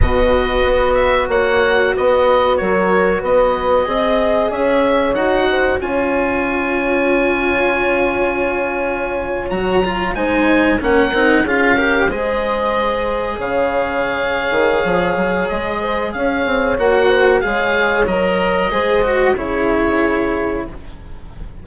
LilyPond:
<<
  \new Staff \with { instrumentName = "oboe" } { \time 4/4 \tempo 4 = 93 dis''4. e''8 fis''4 dis''4 | cis''4 dis''2 e''4 | fis''4 gis''2.~ | gis''2~ gis''8. ais''4 gis''16~ |
gis''8. fis''4 f''4 dis''4~ dis''16~ | dis''8. f''2.~ f''16 | dis''4 f''4 fis''4 f''4 | dis''2 cis''2 | }
  \new Staff \with { instrumentName = "horn" } { \time 4/4 b'2 cis''4 b'4 | ais'4 b'4 dis''4 cis''4~ | cis''8 c''8 cis''2.~ | cis''2.~ cis''8. c''16~ |
c''8. ais'4 gis'8 ais'8 c''4~ c''16~ | c''8. cis''2.~ cis''16~ | cis''8 c''8 cis''4. c''8 cis''4~ | cis''4 c''4 gis'2 | }
  \new Staff \with { instrumentName = "cello" } { \time 4/4 fis'1~ | fis'2 gis'2 | fis'4 f'2.~ | f'2~ f'8. fis'8 f'8 dis'16~ |
dis'8. cis'8 dis'8 f'8 g'8 gis'4~ gis'16~ | gis'1~ | gis'2 fis'4 gis'4 | ais'4 gis'8 fis'8 e'2 | }
  \new Staff \with { instrumentName = "bassoon" } { \time 4/4 b,4 b4 ais4 b4 | fis4 b4 c'4 cis'4 | dis'4 cis'2.~ | cis'2~ cis'8. fis4 gis16~ |
gis8. ais8 c'8 cis'4 gis4~ gis16~ | gis8. cis4.~ cis16 dis8 f8 fis8 | gis4 cis'8 c'8 ais4 gis4 | fis4 gis4 cis2 | }
>>